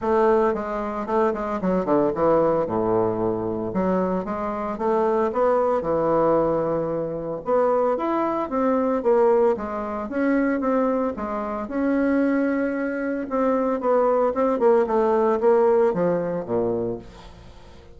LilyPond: \new Staff \with { instrumentName = "bassoon" } { \time 4/4 \tempo 4 = 113 a4 gis4 a8 gis8 fis8 d8 | e4 a,2 fis4 | gis4 a4 b4 e4~ | e2 b4 e'4 |
c'4 ais4 gis4 cis'4 | c'4 gis4 cis'2~ | cis'4 c'4 b4 c'8 ais8 | a4 ais4 f4 ais,4 | }